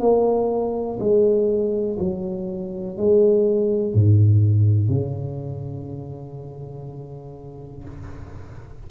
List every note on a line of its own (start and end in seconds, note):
0.00 0.98 A#3
0.99 1.98 G#3
1.99 2.97 F#3
2.97 3.94 G#3
3.94 4.89 G#2
4.89 7.84 C#3